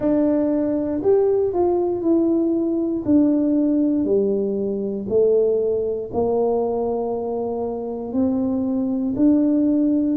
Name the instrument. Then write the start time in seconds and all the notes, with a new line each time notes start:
tuba
0.00 D4
1.03 G4
1.53 F4
2.01 E4
3.05 D4
4.04 G3
5.08 A3
6.13 A#3
8.12 C4
9.16 D4